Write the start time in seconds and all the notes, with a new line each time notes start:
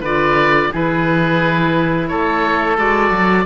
0.00 D3 F4 B4 D5
0.72 E3 E4 G#4 B4
2.08 A3 A4 C#5
2.77 G#3 F#4 D5
3.10 F#3